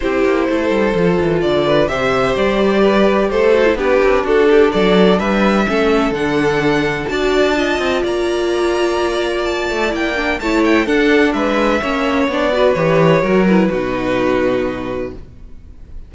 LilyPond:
<<
  \new Staff \with { instrumentName = "violin" } { \time 4/4 \tempo 4 = 127 c''2. d''4 | e''4 d''2 c''4 | b'4 a'4 d''4 e''4~ | e''4 fis''2 a''4~ |
a''4 ais''2. | a''4 g''4 a''8 g''8 fis''4 | e''2 d''4 cis''4~ | cis''8 b'2.~ b'8 | }
  \new Staff \with { instrumentName = "violin" } { \time 4/4 g'4 a'2~ a'8 b'8 | c''2 b'4 a'4 | g'4 fis'8 g'8 a'4 b'4 | a'2. d''4 |
dis''4 d''2.~ | d''2 cis''4 a'4 | b'4 cis''4. b'4. | ais'4 fis'2. | }
  \new Staff \with { instrumentName = "viola" } { \time 4/4 e'2 f'2 | g'2.~ g'8 fis'16 e'16 | d'1 | cis'4 d'2 fis'4 |
f'1~ | f'4 e'8 d'8 e'4 d'4~ | d'4 cis'4 d'8 fis'8 g'4 | fis'8 e'8 dis'2. | }
  \new Staff \with { instrumentName = "cello" } { \time 4/4 c'8 ais8 a8 g8 f8 e8 d4 | c4 g2 a4 | b8 c'8 d'4 fis4 g4 | a4 d2 d'4~ |
d'8 c'8 ais2.~ | ais8 a8 ais4 a4 d'4 | gis4 ais4 b4 e4 | fis4 b,2. | }
>>